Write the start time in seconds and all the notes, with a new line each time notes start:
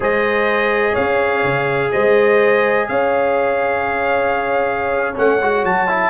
0.00 G#3 G#4 C5 D#5
0.92 C#4 C#5 F5
1.44 C#3
1.91 G#3 C5 D#5
2.88 C#4 C#5 F5
5.14 A3 C#4 F#5
5.40 G#3 F#4
5.64 F#3 A5
5.88 E4